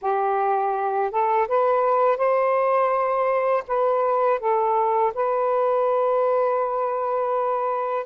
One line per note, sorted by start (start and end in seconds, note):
0.01 1.11 G4
1.11 1.47 A4
1.48 2.17 B4
2.17 3.63 C5
3.67 4.39 B4
4.39 5.12 A4
5.14 8.06 B4